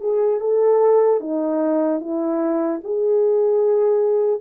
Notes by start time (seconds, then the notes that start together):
0.00 G#4
0.40 A4
1.20 D#4
2.00 E4
2.84 G#4